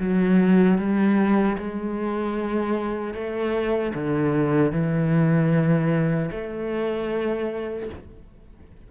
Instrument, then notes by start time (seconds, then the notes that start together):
cello
0.00 F#3
0.79 G3
1.58 G#3
3.14 A3
3.95 D3
4.73 E3
6.32 A3